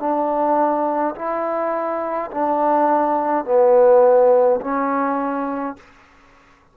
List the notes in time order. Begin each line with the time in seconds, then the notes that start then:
0.00 D4
1.15 E4
2.31 D4
3.45 B3
4.61 C#4